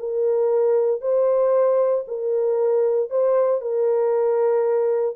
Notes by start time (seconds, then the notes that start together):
0.00 A#4
1.02 C5
2.08 A#4
3.11 C5
3.62 A#4